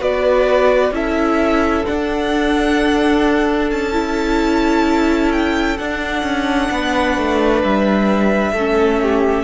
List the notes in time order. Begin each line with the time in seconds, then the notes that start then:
0.00 B3 F#4 B4 D5
0.92 C#4 E4 A4 E5
1.86 D4 F#5
3.71 C#4 A5
3.92 E4
5.32 G5
5.78 D4 F#5
6.23 C#4
6.71 B3 B4
7.17 A3
7.64 G3 E5
8.52 A3 C#4 A4
9.02 G4